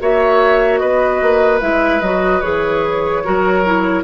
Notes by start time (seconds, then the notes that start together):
0.00 A#3 F#4 C#5 E5
0.78 B3 B4 D#5
1.21 A#3
1.61 G#3 E4 E5
2.01 F#3 F#4 D#5
2.41 E3 G#4 C#5
3.24 F#3 F#4 A#4
3.65 E4